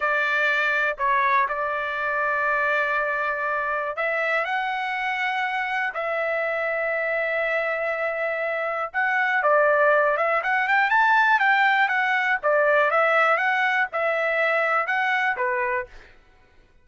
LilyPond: \new Staff \with { instrumentName = "trumpet" } { \time 4/4 \tempo 4 = 121 d''2 cis''4 d''4~ | d''1 | e''4 fis''2. | e''1~ |
e''2 fis''4 d''4~ | d''8 e''8 fis''8 g''8 a''4 g''4 | fis''4 d''4 e''4 fis''4 | e''2 fis''4 b'4 | }